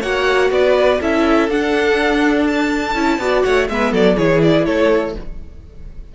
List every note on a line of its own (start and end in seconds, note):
0.00 0.50 A#3
0.00 0.99 F#4
0.00 0.49 C#5
0.00 0.51 F#5
0.50 0.99 B3
0.50 1.00 B4
0.50 1.01 D5
1.00 1.48 C#4
1.00 1.49 E4
1.00 3.19 A4
1.00 1.49 E5
1.48 2.94 D4
1.48 2.95 D4
1.48 2.46 F#5
2.46 3.43 A5
2.94 3.18 C#4
2.94 3.19 E4
3.18 3.42 B3
3.18 3.69 F#4
3.18 3.43 D5
3.43 3.69 A3
3.43 3.68 C#5
3.43 3.67 F#5
3.69 3.92 G#3
3.69 4.17 B3
3.69 3.92 B4
3.69 3.93 E5
3.92 4.17 F#3
3.92 4.16 A4
3.92 4.17 D5
4.16 4.66 E3
4.16 5.15 E4
4.16 4.65 G#4
4.16 4.41 C#5
4.42 4.65 D5
4.65 5.15 A3
4.65 5.14 A4
4.65 5.14 C#5